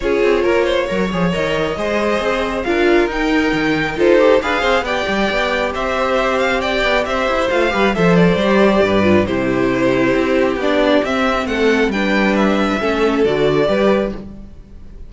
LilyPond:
<<
  \new Staff \with { instrumentName = "violin" } { \time 4/4 \tempo 4 = 136 cis''2. dis''4~ | dis''2 f''4 g''4~ | g''4 c''4 f''4 g''4~ | g''4 e''4. f''8 g''4 |
e''4 f''4 e''8 d''4.~ | d''4 c''2. | d''4 e''4 fis''4 g''4 | e''2 d''2 | }
  \new Staff \with { instrumentName = "violin" } { \time 4/4 gis'4 ais'8 c''8 cis''2 | c''2 ais'2~ | ais'4 a'4 b'8 c''8 d''4~ | d''4 c''2 d''4 |
c''4. b'8 c''2 | b'4 g'2.~ | g'2 a'4 b'4~ | b'4 a'2 b'4 | }
  \new Staff \with { instrumentName = "viola" } { \time 4/4 f'2 ais'8 gis'8 ais'4 | gis'2 f'4 dis'4~ | dis'4 f'8 g'8 gis'4 g'4~ | g'1~ |
g'4 f'8 g'8 a'4 g'4~ | g'8 f'8 e'2. | d'4 c'2 d'4~ | d'4 cis'4 fis'4 g'4 | }
  \new Staff \with { instrumentName = "cello" } { \time 4/4 cis'8 c'8 ais4 fis8 f8 dis4 | gis4 c'4 d'4 dis'4 | dis4 dis'4 d'8 c'8 b8 g8 | b4 c'2~ c'8 b8 |
c'8 e'8 a8 g8 f4 g4 | g,4 c2 c'4 | b4 c'4 a4 g4~ | g4 a4 d4 g4 | }
>>